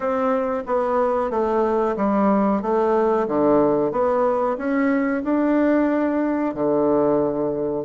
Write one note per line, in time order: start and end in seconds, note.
0.00 0.63 C4
0.66 1.30 B3
1.30 1.95 A3
1.96 2.61 G3
2.62 3.27 A3
3.27 3.91 D3
3.91 4.57 B3
4.57 5.22 C#4
5.24 6.54 D4
6.54 7.84 D3